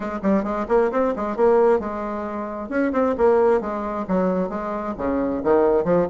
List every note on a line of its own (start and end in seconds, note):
0.00 0.19 G#3
0.22 0.43 G3
0.43 0.66 G#3
0.68 0.91 A#3
0.91 1.14 C4
1.16 1.36 G#3
1.36 1.79 A#3
1.79 2.69 G#3
2.69 2.92 C#4
2.92 3.15 C4
3.17 3.60 A#3
3.60 4.05 G#3
4.07 4.49 F#3
4.49 4.94 G#3
4.97 5.43 C#3
5.43 5.84 D#3
5.84 6.07 F3